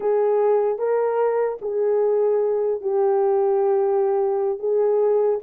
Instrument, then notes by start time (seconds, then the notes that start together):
horn
0.00 G#4
0.78 A#4
1.61 G#4
2.81 G4
4.59 G#4